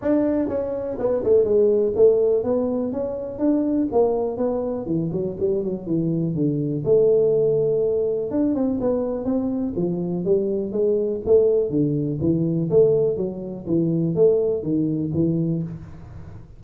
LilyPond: \new Staff \with { instrumentName = "tuba" } { \time 4/4 \tempo 4 = 123 d'4 cis'4 b8 a8 gis4 | a4 b4 cis'4 d'4 | ais4 b4 e8 fis8 g8 fis8 | e4 d4 a2~ |
a4 d'8 c'8 b4 c'4 | f4 g4 gis4 a4 | d4 e4 a4 fis4 | e4 a4 dis4 e4 | }